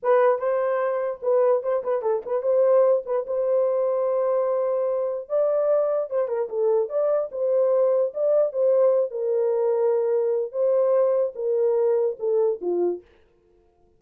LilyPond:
\new Staff \with { instrumentName = "horn" } { \time 4/4 \tempo 4 = 148 b'4 c''2 b'4 | c''8 b'8 a'8 b'8 c''4. b'8 | c''1~ | c''4 d''2 c''8 ais'8 |
a'4 d''4 c''2 | d''4 c''4. ais'4.~ | ais'2 c''2 | ais'2 a'4 f'4 | }